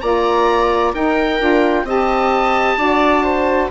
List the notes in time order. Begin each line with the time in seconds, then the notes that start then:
0.00 A#3 F4 D5 A#5
0.92 D#4 A#4 G5
1.39 D4 F4
1.83 C4 G4 D#5 A5
2.76 D4 F#4 D5
3.22 C5